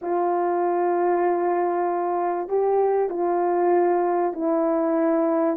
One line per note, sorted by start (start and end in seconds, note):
0.01 2.48 F4
2.48 3.09 G4
3.09 4.33 F4
4.33 5.56 E4